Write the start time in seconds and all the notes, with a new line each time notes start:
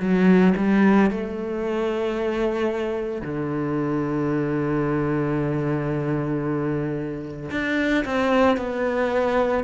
0.00 F#3
0.57 G3
1.11 A3
3.22 D3
7.51 D4
8.06 C4
8.58 B3